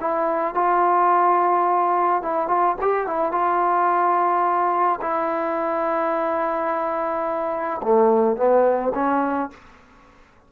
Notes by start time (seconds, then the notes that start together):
0.00 E4
0.54 F4
2.22 E4
2.47 F4
2.81 G4
3.06 E4
3.31 F4
5.01 E4
7.82 A3
8.36 B3
8.94 C#4